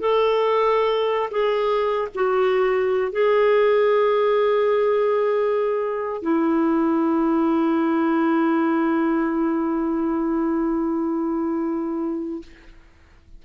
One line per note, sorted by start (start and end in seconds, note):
0.00 1.29 A4
1.31 2.08 G#4
2.15 3.12 F#4
3.12 6.22 G#4
6.22 12.42 E4